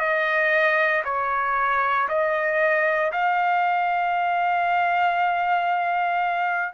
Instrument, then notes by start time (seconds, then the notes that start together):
trumpet
0.00 D#5
1.05 C#5
2.08 D#5
3.12 F5